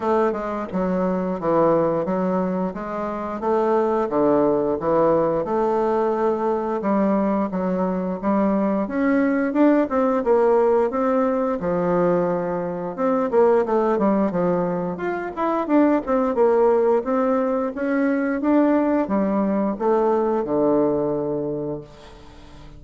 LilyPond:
\new Staff \with { instrumentName = "bassoon" } { \time 4/4 \tempo 4 = 88 a8 gis8 fis4 e4 fis4 | gis4 a4 d4 e4 | a2 g4 fis4 | g4 cis'4 d'8 c'8 ais4 |
c'4 f2 c'8 ais8 | a8 g8 f4 f'8 e'8 d'8 c'8 | ais4 c'4 cis'4 d'4 | g4 a4 d2 | }